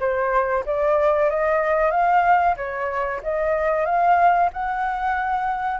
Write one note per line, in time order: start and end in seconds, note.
0.00 0.65 C5
0.66 1.30 D5
1.30 1.91 D#5
1.91 2.55 F5
2.57 3.21 C#5
3.23 3.86 D#5
3.86 4.50 F5
4.53 5.80 F#5